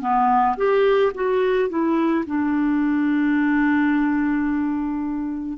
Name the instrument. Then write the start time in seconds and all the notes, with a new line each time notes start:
clarinet
0.00 B3
0.57 G4
1.14 F#4
1.69 E4
2.26 D4